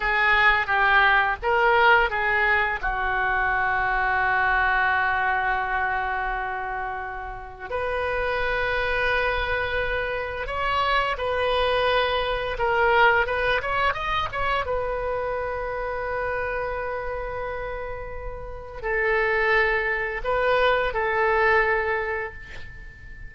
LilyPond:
\new Staff \with { instrumentName = "oboe" } { \time 4/4 \tempo 4 = 86 gis'4 g'4 ais'4 gis'4 | fis'1~ | fis'2. b'4~ | b'2. cis''4 |
b'2 ais'4 b'8 cis''8 | dis''8 cis''8 b'2.~ | b'2. a'4~ | a'4 b'4 a'2 | }